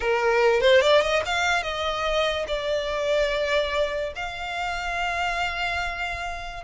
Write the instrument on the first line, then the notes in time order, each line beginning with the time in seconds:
violin
0.00 A#4
0.60 C5
0.81 D5
1.01 D#5
1.25 F5
1.63 D#5
2.47 D5
4.15 F5